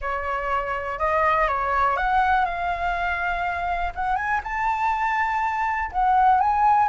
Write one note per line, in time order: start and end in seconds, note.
0.01 0.98 C#5
0.98 1.48 D#5
1.48 1.96 C#5
1.96 2.45 F#5
2.45 3.92 F5
3.95 4.16 F#5
4.16 4.40 G#5
4.43 5.91 A5
5.92 6.40 F#5
6.40 6.88 G#5